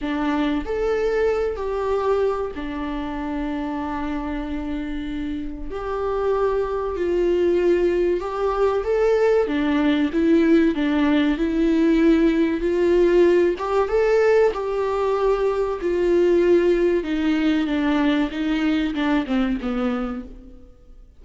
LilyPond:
\new Staff \with { instrumentName = "viola" } { \time 4/4 \tempo 4 = 95 d'4 a'4. g'4. | d'1~ | d'4 g'2 f'4~ | f'4 g'4 a'4 d'4 |
e'4 d'4 e'2 | f'4. g'8 a'4 g'4~ | g'4 f'2 dis'4 | d'4 dis'4 d'8 c'8 b4 | }